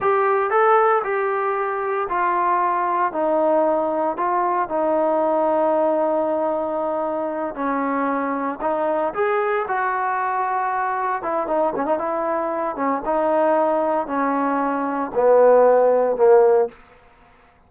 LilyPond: \new Staff \with { instrumentName = "trombone" } { \time 4/4 \tempo 4 = 115 g'4 a'4 g'2 | f'2 dis'2 | f'4 dis'2.~ | dis'2~ dis'8 cis'4.~ |
cis'8 dis'4 gis'4 fis'4.~ | fis'4. e'8 dis'8 cis'16 dis'16 e'4~ | e'8 cis'8 dis'2 cis'4~ | cis'4 b2 ais4 | }